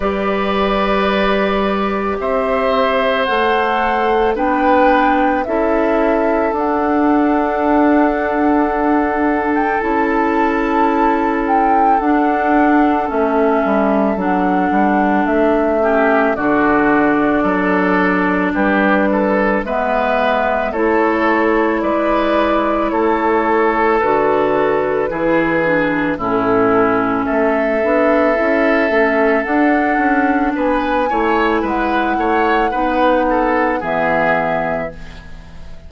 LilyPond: <<
  \new Staff \with { instrumentName = "flute" } { \time 4/4 \tempo 4 = 55 d''2 e''4 fis''4 | g''4 e''4 fis''2~ | fis''8. g''16 a''4. g''8 fis''4 | e''4 fis''4 e''4 d''4~ |
d''4 b'4 e''4 cis''4 | d''4 cis''4 b'2 | a'4 e''2 fis''4 | gis''4 fis''2 e''4 | }
  \new Staff \with { instrumentName = "oboe" } { \time 4/4 b'2 c''2 | b'4 a'2.~ | a'1~ | a'2~ a'8 g'8 fis'4 |
a'4 g'8 a'8 b'4 a'4 | b'4 a'2 gis'4 | e'4 a'2. | b'8 cis''8 b'8 cis''8 b'8 a'8 gis'4 | }
  \new Staff \with { instrumentName = "clarinet" } { \time 4/4 g'2. a'4 | d'4 e'4 d'2~ | d'4 e'2 d'4 | cis'4 d'4. cis'8 d'4~ |
d'2 b4 e'4~ | e'2 fis'4 e'8 d'8 | cis'4. d'8 e'8 cis'8 d'4~ | d'8 e'4. dis'4 b4 | }
  \new Staff \with { instrumentName = "bassoon" } { \time 4/4 g2 c'4 a4 | b4 cis'4 d'2~ | d'4 cis'2 d'4 | a8 g8 fis8 g8 a4 d4 |
fis4 g4 gis4 a4 | gis4 a4 d4 e4 | a,4 a8 b8 cis'8 a8 d'8 cis'8 | b8 a8 gis8 a8 b4 e4 | }
>>